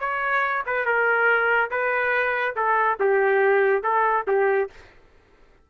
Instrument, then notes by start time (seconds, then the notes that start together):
trumpet
0.00 C#5
0.67 B4
0.86 A#4
1.71 B4
2.56 A4
3.00 G4
3.83 A4
4.28 G4